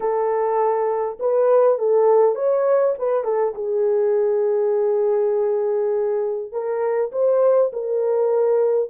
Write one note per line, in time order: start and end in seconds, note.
0.00 1.18 A4
1.19 1.78 B4
1.78 2.35 A4
2.35 2.94 C#5
2.98 3.23 B4
3.23 3.53 A4
3.55 6.52 G#4
6.52 7.11 A#4
7.12 7.71 C5
7.72 8.89 A#4